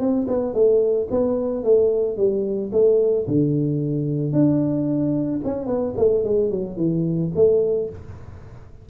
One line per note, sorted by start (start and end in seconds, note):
0.00 0.27 C4
0.28 0.54 B3
0.54 1.08 A3
1.11 1.64 B3
1.64 2.17 A3
2.17 2.71 G3
2.72 3.27 A3
3.28 4.33 D3
4.33 5.41 D4
5.44 5.67 C#4
5.67 5.94 B3
5.98 6.25 A3
6.25 6.51 G#3
6.51 6.77 F#3
6.77 7.31 E3
7.36 7.90 A3